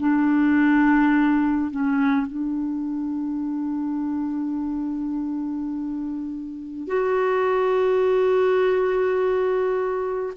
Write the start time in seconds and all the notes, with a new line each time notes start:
0.00 D4
1.72 C#4
2.27 D4
6.88 F#4